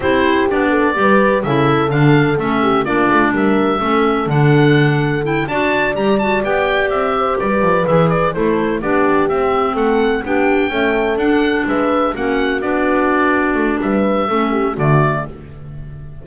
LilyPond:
<<
  \new Staff \with { instrumentName = "oboe" } { \time 4/4 \tempo 4 = 126 c''4 d''2 e''4 | f''4 e''4 d''4 e''4~ | e''4 fis''2 g''8 a''8~ | a''8 ais''8 a''8 g''4 e''4 d''8~ |
d''8 e''8 d''8 c''4 d''4 e''8~ | e''8 fis''4 g''2 fis''8~ | fis''8 e''4 fis''4 d''4.~ | d''4 e''2 d''4 | }
  \new Staff \with { instrumentName = "horn" } { \time 4/4 g'4. a'8 b'4 a'4~ | a'4. g'8 f'4 ais'4 | a'2.~ a'8 d''8~ | d''2. c''8 b'8~ |
b'4. a'4 g'4.~ | g'8 a'4 g'4 a'4.~ | a'8 b'4 fis'2~ fis'8~ | fis'4 b'4 a'8 g'8 fis'4 | }
  \new Staff \with { instrumentName = "clarinet" } { \time 4/4 e'4 d'4 g'4 e'4 | d'4 cis'4 d'2 | cis'4 d'2 e'8 fis'8~ | fis'8 g'8 fis'8 g'2~ g'8~ |
g'8 gis'4 e'4 d'4 c'8~ | c'4. d'4 a4 d'8~ | d'4. cis'4 d'4.~ | d'2 cis'4 a4 | }
  \new Staff \with { instrumentName = "double bass" } { \time 4/4 c'4 b4 g4 cis4 | d4 a4 ais8 a8 g4 | a4 d2~ d8 d'8~ | d'8 g4 b4 c'4 g8 |
f8 e4 a4 b4 c'8~ | c'8 a4 b4 cis'4 d'8~ | d'8 gis4 ais4 b4.~ | b8 a8 g4 a4 d4 | }
>>